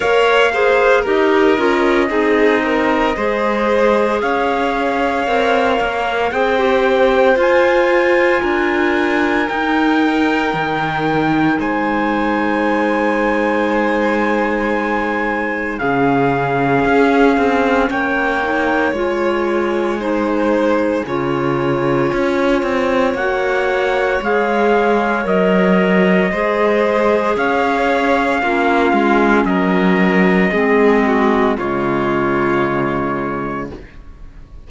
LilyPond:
<<
  \new Staff \with { instrumentName = "trumpet" } { \time 4/4 \tempo 4 = 57 f''4 dis''2. | f''2 g''4 gis''4~ | gis''4 g''2 gis''4~ | gis''2. f''4~ |
f''4 g''4 gis''2~ | gis''2 fis''4 f''4 | dis''2 f''2 | dis''2 cis''2 | }
  \new Staff \with { instrumentName = "violin" } { \time 4/4 cis''8 c''8 ais'4 gis'8 ais'8 c''4 | cis''2 c''2 | ais'2. c''4~ | c''2. gis'4~ |
gis'4 cis''2 c''4 | cis''1~ | cis''4 c''4 cis''4 f'4 | ais'4 gis'8 fis'8 f'2 | }
  \new Staff \with { instrumentName = "clarinet" } { \time 4/4 ais'8 gis'8 g'8 f'8 dis'4 gis'4~ | gis'4 ais'4 gis'16 g'8. f'4~ | f'4 dis'2.~ | dis'2. cis'4~ |
cis'4. dis'8 f'4 dis'4 | f'2 fis'4 gis'4 | ais'4 gis'2 cis'4~ | cis'4 c'4 gis2 | }
  \new Staff \with { instrumentName = "cello" } { \time 4/4 ais4 dis'8 cis'8 c'4 gis4 | cis'4 c'8 ais8 c'4 f'4 | d'4 dis'4 dis4 gis4~ | gis2. cis4 |
cis'8 c'8 ais4 gis2 | cis4 cis'8 c'8 ais4 gis4 | fis4 gis4 cis'4 ais8 gis8 | fis4 gis4 cis2 | }
>>